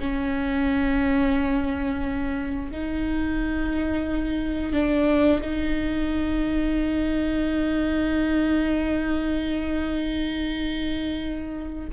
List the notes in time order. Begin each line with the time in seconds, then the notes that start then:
0.00 C#4
2.72 D#4
4.73 D4
5.42 D#4